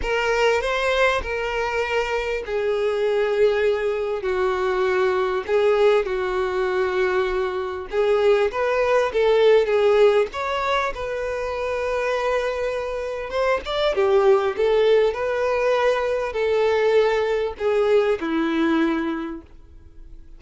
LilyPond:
\new Staff \with { instrumentName = "violin" } { \time 4/4 \tempo 4 = 99 ais'4 c''4 ais'2 | gis'2. fis'4~ | fis'4 gis'4 fis'2~ | fis'4 gis'4 b'4 a'4 |
gis'4 cis''4 b'2~ | b'2 c''8 d''8 g'4 | a'4 b'2 a'4~ | a'4 gis'4 e'2 | }